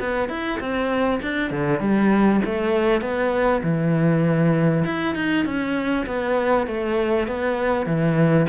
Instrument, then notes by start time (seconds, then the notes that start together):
cello
0.00 B3
0.29 E4
0.60 C4
1.23 D4
1.51 D3
1.80 G3
2.45 A3
3.02 B3
3.63 E3
4.85 E4
5.15 D#4
5.46 C#4
6.07 B3
6.67 A3
7.28 B3
7.86 E3